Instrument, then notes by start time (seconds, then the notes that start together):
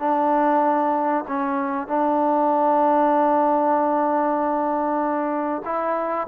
trombone
0.00 D4
1.28 C#4
1.88 D4
5.65 E4